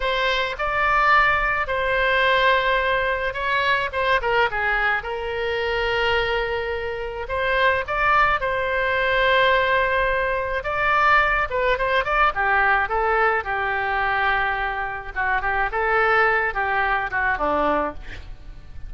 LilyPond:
\new Staff \with { instrumentName = "oboe" } { \time 4/4 \tempo 4 = 107 c''4 d''2 c''4~ | c''2 cis''4 c''8 ais'8 | gis'4 ais'2.~ | ais'4 c''4 d''4 c''4~ |
c''2. d''4~ | d''8 b'8 c''8 d''8 g'4 a'4 | g'2. fis'8 g'8 | a'4. g'4 fis'8 d'4 | }